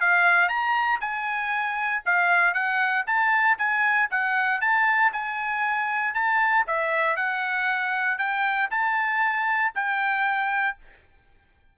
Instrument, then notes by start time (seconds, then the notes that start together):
trumpet
0.00 F5
0.48 A#5
1.00 G#5
2.05 F5
2.54 F#5
3.07 A5
3.58 G#5
4.10 F#5
4.61 A5
5.12 G#5
6.14 A5
6.67 E5
7.16 F#5
8.18 G5
8.71 A5
9.75 G5